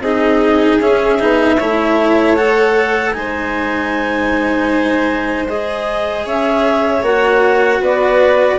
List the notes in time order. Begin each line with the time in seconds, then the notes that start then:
0.00 C4 D#4 G#4 D#5
0.81 C#4 E5
1.20 B3 D#4
1.57 A3 E4 C#5
2.36 A4 F#5
3.13 G#3 D#4 C5 G#5
5.48 G#4 D#5
6.26 C#4 C#5 E5
7.02 A#3 F#4 F#5
7.81 B3 B4 D5